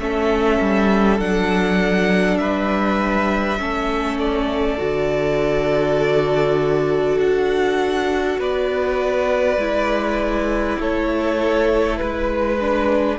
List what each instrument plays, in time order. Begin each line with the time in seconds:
0.00 cello A3, viola C#4, violin A4 E5
0.60 cello G3
1.19 cello F#3, viola D4, violin F#5
2.38 cello G3, violin B4 E5
3.59 cello A3, viola C#4, violin A4
4.19 violin D5
4.78 cello D3, viola F#4
7.18 cello D4, violin F#5
8.38 cello B3, violin B4 D5
9.57 cello G#3, viola E4
10.79 cello A3, violin A4 C#5
11.97 cello G#3, violin B4
12.60 viola D4